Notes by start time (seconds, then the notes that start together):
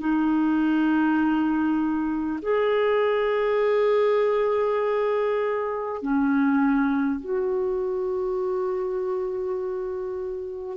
0.00 D#4
2.42 G#4
6.02 C#4
7.20 F#4